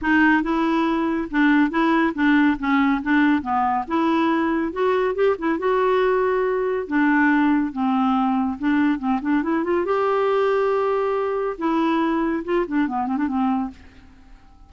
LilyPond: \new Staff \with { instrumentName = "clarinet" } { \time 4/4 \tempo 4 = 140 dis'4 e'2 d'4 | e'4 d'4 cis'4 d'4 | b4 e'2 fis'4 | g'8 e'8 fis'2. |
d'2 c'2 | d'4 c'8 d'8 e'8 f'8 g'4~ | g'2. e'4~ | e'4 f'8 d'8 b8 c'16 d'16 c'4 | }